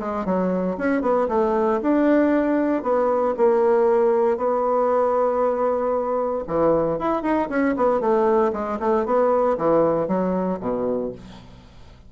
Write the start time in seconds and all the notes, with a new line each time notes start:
0.00 G#3
0.26 F#3
0.78 C#4
1.02 B3
1.29 A3
1.83 D4
2.83 B3
3.38 A#3
4.38 B3
6.47 E3
6.99 E4
7.23 D#4
7.50 C#4
7.77 B3
8.01 A3
8.53 G#3
8.80 A3
9.06 B3
9.58 E3
10.08 F#3
10.61 B2